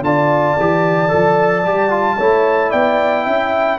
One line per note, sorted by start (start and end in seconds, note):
0.00 0.54 D3
0.00 0.57 F4
0.00 2.17 D5
0.00 2.71 A5
0.59 1.12 E3
0.59 1.08 G4
1.08 1.65 F3
1.08 1.62 A4
1.65 2.18 G3
1.65 1.90 G4
1.90 2.17 F4
2.17 2.72 A3
2.17 3.79 E4
2.17 2.70 C#5
2.70 3.26 B3
2.70 3.23 D5
2.70 3.79 G5
3.23 3.79 C#4
3.23 3.76 E5